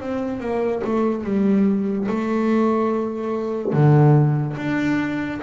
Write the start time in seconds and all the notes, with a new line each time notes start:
0.00 C4
0.40 A#3
0.84 A3
1.24 G3
2.08 A3
3.73 D3
4.57 D4